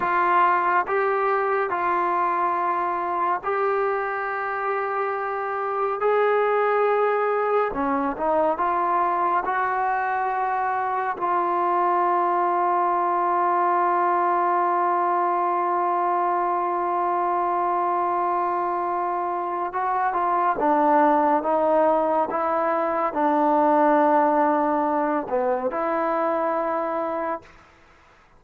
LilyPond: \new Staff \with { instrumentName = "trombone" } { \time 4/4 \tempo 4 = 70 f'4 g'4 f'2 | g'2. gis'4~ | gis'4 cis'8 dis'8 f'4 fis'4~ | fis'4 f'2.~ |
f'1~ | f'2. fis'8 f'8 | d'4 dis'4 e'4 d'4~ | d'4. b8 e'2 | }